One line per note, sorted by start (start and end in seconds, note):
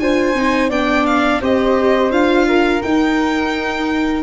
0.00 0.35 D4
0.00 0.36 F4
0.00 0.70 C5
0.00 0.71 G#5
0.35 0.70 C4
0.35 0.71 D#4
0.70 1.41 B3
0.70 1.42 D4
0.70 1.40 D5
0.70 1.07 G5
1.07 1.42 F5
1.41 2.11 C4
1.41 2.11 G4
1.41 2.47 C5
1.41 2.12 D#5
2.11 2.82 D4
2.11 2.82 F4
2.11 2.82 F5
2.48 4.23 A#4
2.82 4.23 D#4
2.82 4.23 G5